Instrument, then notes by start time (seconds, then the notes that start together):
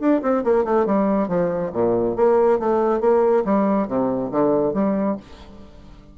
bassoon
0.00 D4
0.22 C4
0.44 A#3
0.65 A3
0.86 G3
1.28 F3
1.73 A#2
2.16 A#3
2.60 A3
3.01 A#3
3.45 G3
3.88 C3
4.31 D3
4.74 G3